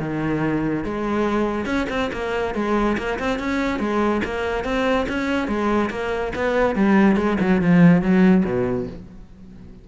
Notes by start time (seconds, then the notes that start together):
0.00 D#3
0.84 G#3
1.66 C#4
1.90 C4
2.13 A#3
2.55 G#3
2.98 A#3
3.19 C4
3.39 C#4
3.80 G#3
4.25 A#3
4.64 C4
5.09 C#4
5.48 G#3
5.91 A#3
6.35 B3
6.75 G3
7.16 G#3
7.41 F#3
7.62 F3
8.02 F#3
8.45 B2